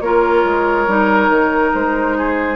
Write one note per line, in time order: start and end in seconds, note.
0.00 0.43 A#3
0.00 0.87 F4
0.00 2.17 A#4
0.00 1.71 C#5
0.44 0.87 G#3
0.87 1.28 G3
0.87 2.56 D#4
1.28 1.71 D#3
1.74 2.56 G#3
1.74 2.56 C5
2.17 2.56 G#4